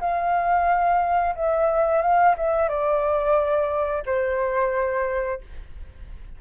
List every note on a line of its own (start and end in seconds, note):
0.00 1.35 F5
1.35 2.01 E5
2.01 2.35 F5
2.37 2.68 E5
2.68 4.03 D5
4.06 5.41 C5